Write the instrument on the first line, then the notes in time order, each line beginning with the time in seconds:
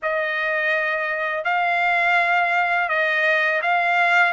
trumpet
0.02 D#5
1.44 F5
2.88 D#5
3.61 F5